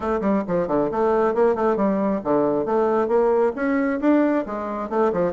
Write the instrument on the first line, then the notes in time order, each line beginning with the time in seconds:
bassoon
0.00 A3
0.21 G3
0.47 F3
0.67 D3
0.91 A3
1.34 A#3
1.55 A3
1.76 G3
2.24 D3
2.65 A3
3.08 A#3
3.55 C#4
4.00 D4
4.46 G#3
4.89 A3
5.12 F3